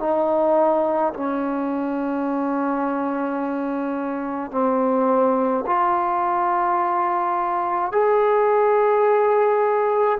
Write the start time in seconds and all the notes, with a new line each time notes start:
0.00 D#4
1.14 C#4
4.51 C4
5.67 F4
7.92 G#4